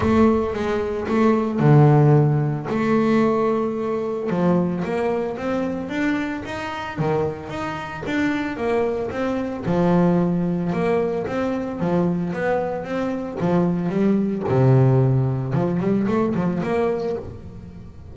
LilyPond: \new Staff \with { instrumentName = "double bass" } { \time 4/4 \tempo 4 = 112 a4 gis4 a4 d4~ | d4 a2. | f4 ais4 c'4 d'4 | dis'4 dis4 dis'4 d'4 |
ais4 c'4 f2 | ais4 c'4 f4 b4 | c'4 f4 g4 c4~ | c4 f8 g8 a8 f8 ais4 | }